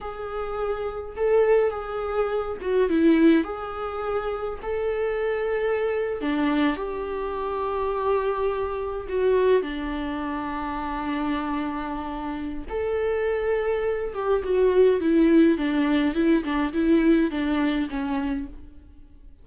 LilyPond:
\new Staff \with { instrumentName = "viola" } { \time 4/4 \tempo 4 = 104 gis'2 a'4 gis'4~ | gis'8 fis'8 e'4 gis'2 | a'2~ a'8. d'4 g'16~ | g'2.~ g'8. fis'16~ |
fis'8. d'2.~ d'16~ | d'2 a'2~ | a'8 g'8 fis'4 e'4 d'4 | e'8 d'8 e'4 d'4 cis'4 | }